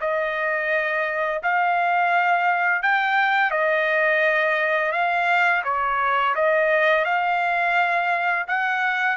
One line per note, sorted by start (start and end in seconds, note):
0.00 1.41 D#5
1.42 2.82 F5
2.82 3.50 G5
3.50 4.92 D#5
4.92 5.62 F5
5.64 6.34 C#5
6.35 7.05 D#5
7.05 8.46 F5
8.47 9.16 F#5